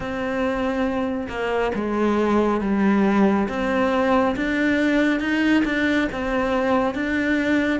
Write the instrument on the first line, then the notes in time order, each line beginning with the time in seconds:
cello
0.00 C4
1.28 A#3
1.74 G#3
2.60 G3
3.48 C4
4.36 D4
5.20 D#4
5.64 D4
6.12 C4
6.94 D4